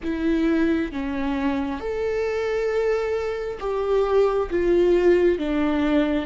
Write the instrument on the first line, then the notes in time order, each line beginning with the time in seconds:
viola
0.02 E4
0.92 C#4
1.80 A4
3.59 G4
4.50 F4
5.38 D4